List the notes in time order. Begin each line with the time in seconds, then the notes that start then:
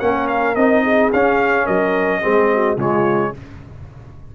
0.00 A#3 C#4 A#4 F#5
0.28 F5
0.55 C4 D#4 D#5
0.83 G#4
1.13 C#4 F5
1.65 F#3 A#4 D#5
2.22 G#3 C4 G#4
2.54 F#4
2.77 C#3 G#3 F4 C#5